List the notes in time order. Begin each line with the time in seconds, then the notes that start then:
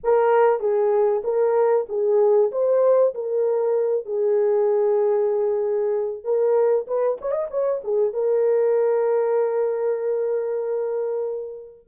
0.03 A#4
0.60 G#4
1.24 A#4
1.88 G#4
2.51 C5
3.14 A#4
4.05 G#4
6.23 A#4
6.87 B4
7.21 C#5
7.31 D#5
7.50 C#5
7.84 G#4
8.13 A#4